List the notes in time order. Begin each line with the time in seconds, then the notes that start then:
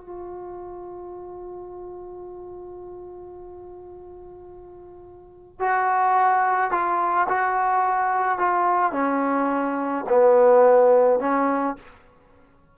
0.00 F4
5.59 F#4
6.71 F4
7.28 F#4
8.38 F4
8.92 C#4
10.09 B3
11.19 C#4